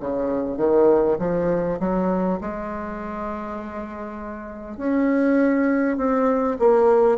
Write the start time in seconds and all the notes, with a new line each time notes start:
0.00 C#3
0.57 D#3
1.18 F3
1.79 F#3
2.41 G#3
4.77 C#4
5.97 C4
6.59 A#3